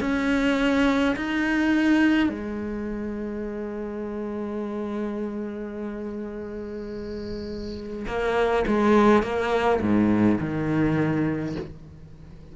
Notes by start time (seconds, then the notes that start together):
0.00 C#4
1.15 D#4
2.29 G#3
8.07 A#3
8.67 G#3
9.22 A#3
9.81 G#2
10.40 D#3